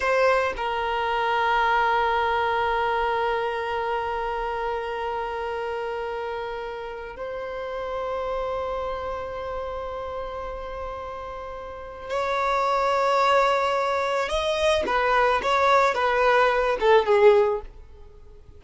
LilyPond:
\new Staff \with { instrumentName = "violin" } { \time 4/4 \tempo 4 = 109 c''4 ais'2.~ | ais'1~ | ais'1~ | ais'4 c''2.~ |
c''1~ | c''2 cis''2~ | cis''2 dis''4 b'4 | cis''4 b'4. a'8 gis'4 | }